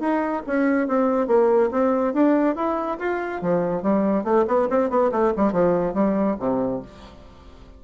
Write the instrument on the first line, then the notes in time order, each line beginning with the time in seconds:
bassoon
0.00 D#4
0.47 C#4
0.88 C4
1.27 A#3
1.71 C4
2.14 D4
2.56 E4
2.99 F4
3.42 F3
3.82 G3
4.24 A3
4.48 B3
4.70 C4
4.90 B3
5.12 A3
5.37 G3
5.52 F3
5.94 G3
6.40 C3